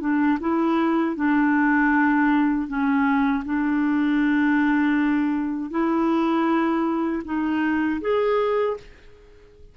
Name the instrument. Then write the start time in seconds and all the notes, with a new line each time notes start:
clarinet
0.00 D4
0.40 E4
1.16 D4
2.68 C#4
3.45 D4
5.71 E4
7.25 D#4
8.01 G#4